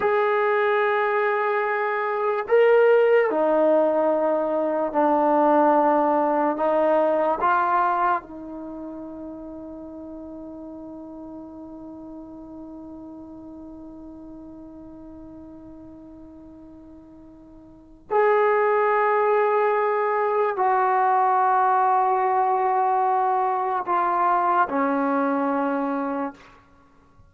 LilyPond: \new Staff \with { instrumentName = "trombone" } { \time 4/4 \tempo 4 = 73 gis'2. ais'4 | dis'2 d'2 | dis'4 f'4 dis'2~ | dis'1~ |
dis'1~ | dis'2 gis'2~ | gis'4 fis'2.~ | fis'4 f'4 cis'2 | }